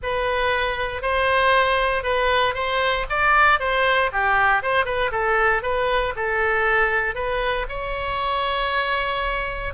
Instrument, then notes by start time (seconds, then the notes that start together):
oboe
0.03 B4
1.02 C5
2.03 B4
2.54 C5
3.09 D5
3.59 C5
4.12 G4
4.62 C5
4.85 B4
5.11 A4
5.62 B4
6.16 A4
7.14 B4
7.68 C#5